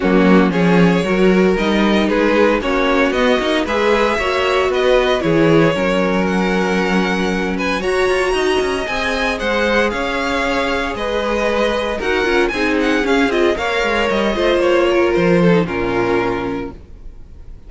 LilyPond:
<<
  \new Staff \with { instrumentName = "violin" } { \time 4/4 \tempo 4 = 115 fis'4 cis''2 dis''4 | b'4 cis''4 dis''4 e''4~ | e''4 dis''4 cis''2 | fis''2~ fis''8 gis''8 ais''4~ |
ais''4 gis''4 fis''4 f''4~ | f''4 dis''2 fis''4 | gis''8 fis''8 f''8 dis''8 f''4 dis''4 | cis''4 c''4 ais'2 | }
  \new Staff \with { instrumentName = "violin" } { \time 4/4 cis'4 gis'4 ais'2 | gis'4 fis'2 b'4 | cis''4 b'4 gis'4 ais'4~ | ais'2~ ais'8 b'8 cis''4 |
dis''2 c''4 cis''4~ | cis''4 b'2 ais'4 | gis'2 cis''4. c''8~ | c''8 ais'4 a'8 f'2 | }
  \new Staff \with { instrumentName = "viola" } { \time 4/4 ais4 cis'4 fis'4 dis'4~ | dis'4 cis'4 b8 dis'8 gis'4 | fis'2 e'4 cis'4~ | cis'2. fis'4~ |
fis'4 gis'2.~ | gis'2. fis'8 f'8 | dis'4 cis'8 f'8 ais'4. f'8~ | f'4.~ f'16 dis'16 cis'2 | }
  \new Staff \with { instrumentName = "cello" } { \time 4/4 fis4 f4 fis4 g4 | gis4 ais4 b8 ais8 gis4 | ais4 b4 e4 fis4~ | fis2. fis'8 f'8 |
dis'8 cis'8 c'4 gis4 cis'4~ | cis'4 gis2 dis'8 cis'8 | c'4 cis'8 c'8 ais8 gis8 g8 a8 | ais4 f4 ais,2 | }
>>